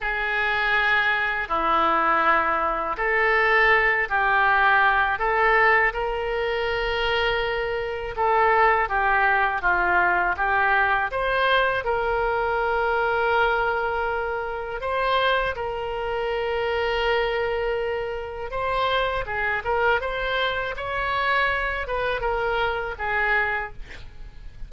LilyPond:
\new Staff \with { instrumentName = "oboe" } { \time 4/4 \tempo 4 = 81 gis'2 e'2 | a'4. g'4. a'4 | ais'2. a'4 | g'4 f'4 g'4 c''4 |
ais'1 | c''4 ais'2.~ | ais'4 c''4 gis'8 ais'8 c''4 | cis''4. b'8 ais'4 gis'4 | }